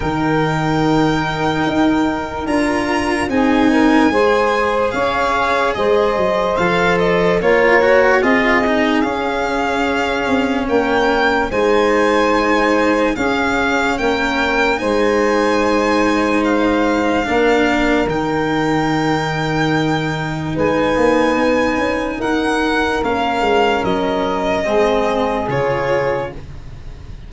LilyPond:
<<
  \new Staff \with { instrumentName = "violin" } { \time 4/4 \tempo 4 = 73 g''2. ais''4 | gis''2 f''4 dis''4 | f''8 dis''8 cis''4 dis''4 f''4~ | f''4 g''4 gis''2 |
f''4 g''4 gis''2 | f''2 g''2~ | g''4 gis''2 fis''4 | f''4 dis''2 cis''4 | }
  \new Staff \with { instrumentName = "saxophone" } { \time 4/4 ais'1 | gis'8 ais'8 c''4 cis''4 c''4~ | c''4 ais'4 gis'2~ | gis'4 ais'4 c''2 |
gis'4 ais'4 c''2~ | c''4 ais'2.~ | ais'4 b'2 ais'4~ | ais'2 gis'2 | }
  \new Staff \with { instrumentName = "cello" } { \time 4/4 dis'2. f'4 | dis'4 gis'2. | a'4 f'8 fis'8 f'8 dis'8 cis'4~ | cis'2 dis'2 |
cis'2 dis'2~ | dis'4 d'4 dis'2~ | dis'1 | cis'2 c'4 f'4 | }
  \new Staff \with { instrumentName = "tuba" } { \time 4/4 dis2 dis'4 d'4 | c'4 gis4 cis'4 gis8 fis8 | f4 ais4 c'4 cis'4~ | cis'8 c'8 ais4 gis2 |
cis'4 ais4 gis2~ | gis4 ais4 dis2~ | dis4 gis8 ais8 b8 cis'8 dis'4 | ais8 gis8 fis4 gis4 cis4 | }
>>